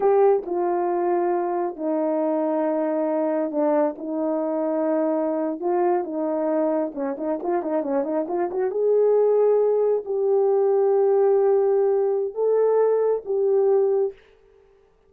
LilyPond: \new Staff \with { instrumentName = "horn" } { \time 4/4 \tempo 4 = 136 g'4 f'2. | dis'1 | d'4 dis'2.~ | dis'8. f'4 dis'2 cis'16~ |
cis'16 dis'8 f'8 dis'8 cis'8 dis'8 f'8 fis'8 gis'16~ | gis'2~ gis'8. g'4~ g'16~ | g'1 | a'2 g'2 | }